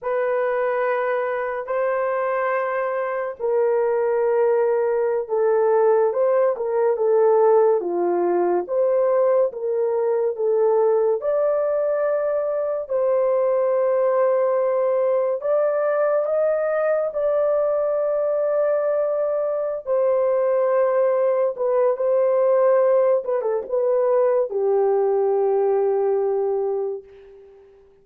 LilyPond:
\new Staff \with { instrumentName = "horn" } { \time 4/4 \tempo 4 = 71 b'2 c''2 | ais'2~ ais'16 a'4 c''8 ais'16~ | ais'16 a'4 f'4 c''4 ais'8.~ | ais'16 a'4 d''2 c''8.~ |
c''2~ c''16 d''4 dis''8.~ | dis''16 d''2.~ d''16 c''8~ | c''4. b'8 c''4. b'16 a'16 | b'4 g'2. | }